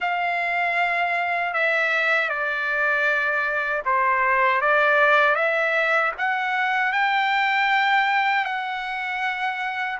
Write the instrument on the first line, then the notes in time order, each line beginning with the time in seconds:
trumpet
0.00 F5
1.53 E5
2.29 D5
3.85 C5
4.61 D5
5.35 E5
6.17 F#5
6.92 G5
8.44 F#5